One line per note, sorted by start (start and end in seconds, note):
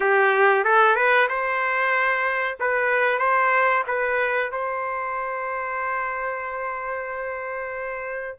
0.00 0.64 G4
0.64 0.95 A4
0.95 1.27 B4
1.28 2.57 C5
2.60 3.18 B4
3.18 3.83 C5
3.87 4.51 B4
4.51 8.38 C5